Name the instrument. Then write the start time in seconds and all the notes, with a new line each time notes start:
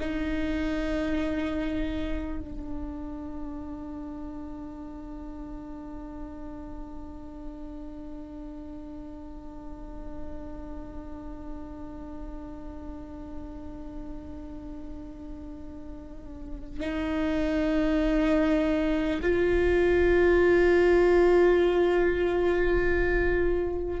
viola
0.00 D#4
2.39 D4
16.80 D#4
19.22 F4